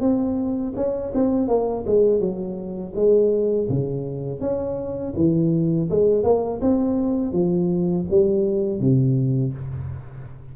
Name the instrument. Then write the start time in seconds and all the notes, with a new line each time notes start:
tuba
0.00 C4
0.76 C#4
1.14 C4
1.48 A#3
1.86 G#3
2.20 F#3
2.95 G#3
3.69 C#3
4.40 C#4
5.16 E3
5.90 G#3
6.23 A#3
6.61 C4
7.32 F3
8.10 G3
8.80 C3